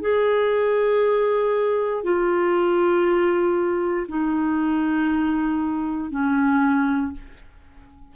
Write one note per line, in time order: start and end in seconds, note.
0.00 2.03 G#4
2.03 4.06 F4
4.08 6.10 D#4
6.10 7.12 C#4